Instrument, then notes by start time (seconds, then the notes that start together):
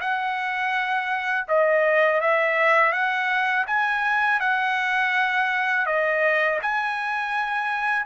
trumpet
0.00 F#5
1.48 D#5
2.21 E5
2.92 F#5
3.67 G#5
4.40 F#5
5.86 D#5
6.62 G#5